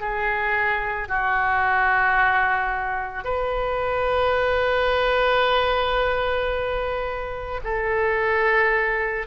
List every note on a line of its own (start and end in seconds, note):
0.00 1.09 G#4
1.09 3.24 F#4
3.24 7.61 B4
7.64 9.27 A4